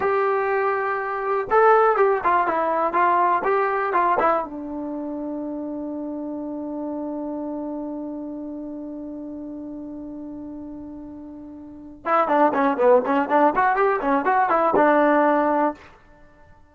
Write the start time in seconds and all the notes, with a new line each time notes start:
0.00 G4
1.50 A4
1.96 G4
2.24 F4
2.47 E4
2.93 F4
3.44 G4
3.93 F4
4.19 E4
4.44 D4
12.05 E4
12.27 D4
12.54 C#4
12.77 B3
13.05 C#4
13.29 D4
13.55 F#4
13.75 G4
14.01 C#4
14.25 F#4
14.49 E4
14.75 D4